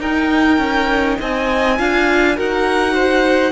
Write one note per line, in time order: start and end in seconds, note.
0.00 0.58 D#4
0.00 1.78 D#4
0.00 1.18 A#4
0.00 1.19 G5
0.58 1.16 C#4
1.20 1.79 C4
1.20 1.78 D#5
1.20 2.39 G#5
1.78 2.37 D4
1.78 2.36 F4
1.78 2.36 F5
2.36 3.52 D#4
2.36 3.52 F#4
2.36 2.93 A#4
2.36 3.52 F#5
2.93 3.52 C5